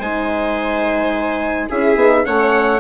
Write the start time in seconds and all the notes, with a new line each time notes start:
0.00 G#3 D#4 C5 G#5
1.69 C#4 E4 G#4 E5
1.96 B3 D#4
2.24 A3 C#4 C#5 F#5